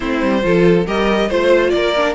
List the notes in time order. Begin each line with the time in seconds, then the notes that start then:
0.00 A3 C4 E4 C5
0.22 G3
0.42 F3 F4 A4
0.86 G3 G4 A#4 D#5
1.28 A3 F4 C5
1.70 A#3 A#4 D5
1.96 D4